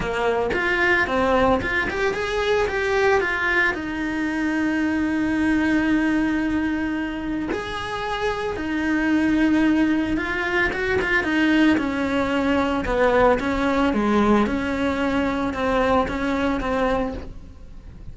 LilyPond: \new Staff \with { instrumentName = "cello" } { \time 4/4 \tempo 4 = 112 ais4 f'4 c'4 f'8 g'8 | gis'4 g'4 f'4 dis'4~ | dis'1~ | dis'2 gis'2 |
dis'2. f'4 | fis'8 f'8 dis'4 cis'2 | b4 cis'4 gis4 cis'4~ | cis'4 c'4 cis'4 c'4 | }